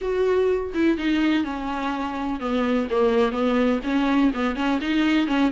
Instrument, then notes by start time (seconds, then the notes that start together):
viola
0.01 F#4
0.74 E4
0.97 D#4
1.44 C#4
2.40 B3
2.90 A#3
3.32 B3
3.83 C#4
4.34 B3
4.55 C#4
4.81 D#4
5.27 C#4